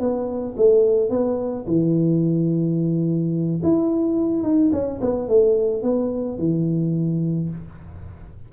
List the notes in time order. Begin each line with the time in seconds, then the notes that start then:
0.00 B3
0.57 A3
1.10 B3
1.67 E3
3.63 E4
4.43 D#4
4.72 C#4
5.02 B3
5.29 A3
5.83 B3
6.38 E3